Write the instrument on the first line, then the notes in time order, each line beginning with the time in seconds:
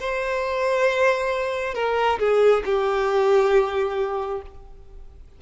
violin
0.00 C5
1.75 A#4
2.20 G#4
2.66 G4